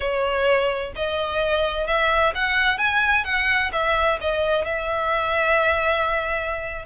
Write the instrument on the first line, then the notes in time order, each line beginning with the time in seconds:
violin
0.00 C#5
0.95 D#5
1.86 E5
2.34 F#5
2.78 G#5
3.24 F#5
3.72 E5
4.20 D#5
4.64 E5